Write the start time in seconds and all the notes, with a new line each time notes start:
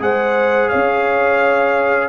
0.00 G#3 G#4 C5 F#5
0.69 C#4 C#5 F5